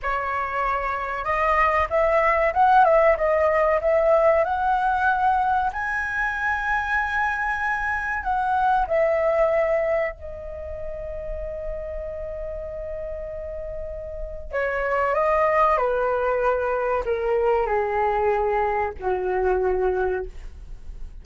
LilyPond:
\new Staff \with { instrumentName = "flute" } { \time 4/4 \tempo 4 = 95 cis''2 dis''4 e''4 | fis''8 e''8 dis''4 e''4 fis''4~ | fis''4 gis''2.~ | gis''4 fis''4 e''2 |
dis''1~ | dis''2. cis''4 | dis''4 b'2 ais'4 | gis'2 fis'2 | }